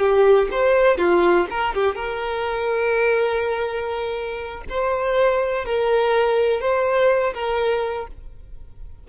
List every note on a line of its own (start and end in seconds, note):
0.00 0.49 G4
0.52 0.98 C5
0.98 1.47 F4
1.51 1.75 A#4
1.75 1.96 G4
1.96 4.64 A#4
4.70 5.65 C5
5.65 6.61 A#4
6.61 7.34 C5
7.34 8.08 A#4